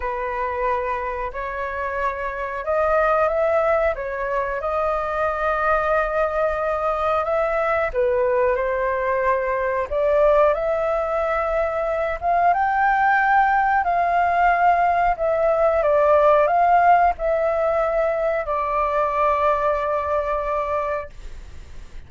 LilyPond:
\new Staff \with { instrumentName = "flute" } { \time 4/4 \tempo 4 = 91 b'2 cis''2 | dis''4 e''4 cis''4 dis''4~ | dis''2. e''4 | b'4 c''2 d''4 |
e''2~ e''8 f''8 g''4~ | g''4 f''2 e''4 | d''4 f''4 e''2 | d''1 | }